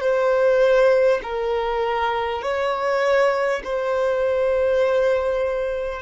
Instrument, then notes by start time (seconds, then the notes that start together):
violin
0.00 C5
1.22 A#4
2.42 C#5
3.64 C5